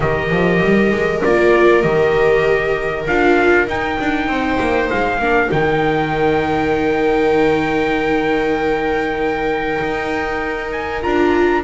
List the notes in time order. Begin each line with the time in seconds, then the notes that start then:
0.00 D#3 G4 A#4 D#5
0.30 F3
0.62 G3
0.91 G#3
1.23 A#3 F4 D5
1.82 D#3 G4 D#5
3.06 D4 F4 F5
3.67 D#4 G5
3.99 D4
4.27 C4 C5
4.59 A#3
4.89 G#3 F5
5.18 A#3 D4 A#4
5.48 D#3 D#4 G5
9.81 D#4
10.71 G#5
11.02 D4 F4 A#5